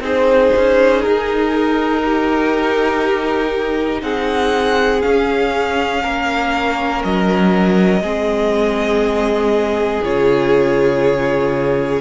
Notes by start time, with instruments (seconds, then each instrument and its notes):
0.00 cello C4, viola D#4, violin G#4 C5
0.56 cello C#4
1.02 cello D#4, violin A#4
2.05 violin G4
4.02 cello C4, violin G#4 F#5
5.02 viola C#4, cello C#4, violin F5
6.03 cello A#3, violin A#4
7.04 cello F#3, violin D#5
8.01 cello G#3, viola C4, violin G#4
10.03 cello C#3, viola F4, violin C#5